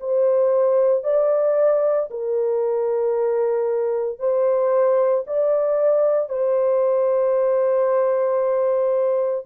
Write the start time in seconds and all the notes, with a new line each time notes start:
0.00 C5
1.04 D5
2.11 A#4
4.20 C5
5.27 D5
6.30 C5